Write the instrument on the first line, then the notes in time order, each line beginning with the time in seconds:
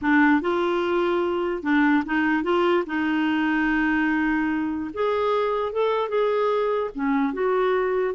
clarinet
0.01 D4
0.41 F4
1.62 D4
2.05 D#4
2.43 F4
2.86 D#4
4.93 G#4
5.72 A4
6.08 G#4
6.94 C#4
7.33 F#4